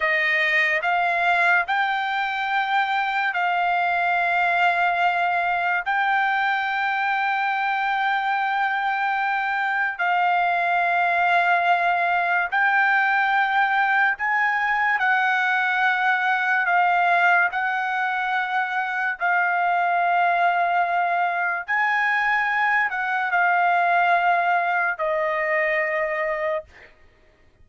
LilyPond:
\new Staff \with { instrumentName = "trumpet" } { \time 4/4 \tempo 4 = 72 dis''4 f''4 g''2 | f''2. g''4~ | g''1 | f''2. g''4~ |
g''4 gis''4 fis''2 | f''4 fis''2 f''4~ | f''2 gis''4. fis''8 | f''2 dis''2 | }